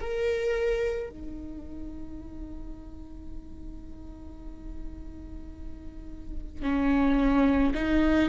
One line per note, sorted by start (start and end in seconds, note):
0.00 1.10 A#4
1.10 6.62 D#4
6.62 7.73 C#4
7.74 8.29 D#4